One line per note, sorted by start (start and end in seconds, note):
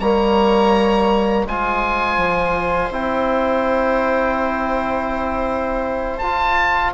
0.00 1.45 G3
0.00 1.48 A#3
0.00 1.47 C#5
0.00 1.47 A#5
1.45 2.17 G#3
1.45 2.92 F4
1.45 6.94 C5
1.45 2.94 G#5
2.17 2.91 F3
2.91 6.20 C4
2.91 6.22 E4
2.91 6.19 G5
6.19 6.94 F4
6.19 6.92 A5